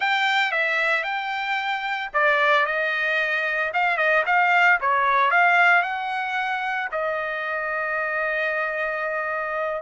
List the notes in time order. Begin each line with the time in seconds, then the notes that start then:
0.00 G5
0.51 E5
1.03 G5
2.13 D5
2.65 D#5
3.73 F5
3.97 D#5
4.26 F5
4.81 C#5
5.30 F5
5.82 F#5
6.91 D#5